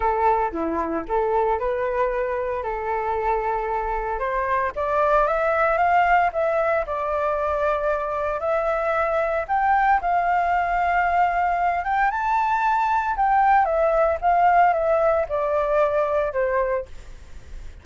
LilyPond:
\new Staff \with { instrumentName = "flute" } { \time 4/4 \tempo 4 = 114 a'4 e'4 a'4 b'4~ | b'4 a'2. | c''4 d''4 e''4 f''4 | e''4 d''2. |
e''2 g''4 f''4~ | f''2~ f''8 g''8 a''4~ | a''4 g''4 e''4 f''4 | e''4 d''2 c''4 | }